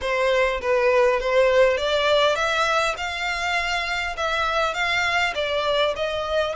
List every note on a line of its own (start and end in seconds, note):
0.01 0.60 C5
0.61 1.20 B4
1.20 1.77 C5
1.77 2.35 D5
2.35 2.95 E5
2.97 4.16 F5
4.16 4.74 E5
4.74 5.33 F5
5.35 5.94 D5
5.95 6.55 D#5